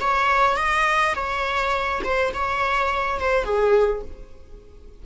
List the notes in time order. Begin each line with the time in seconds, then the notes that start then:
0.00 C#5
0.57 D#5
1.15 C#5
2.04 C5
2.34 C#5
3.20 C5
3.44 G#4